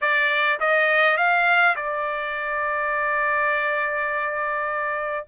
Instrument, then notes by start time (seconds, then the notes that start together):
trumpet
0.01 D5
0.60 D#5
1.17 F5
1.76 D5